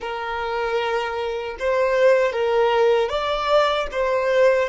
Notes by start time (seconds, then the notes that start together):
0.00 A#4
1.59 C5
2.32 A#4
3.09 D5
3.91 C5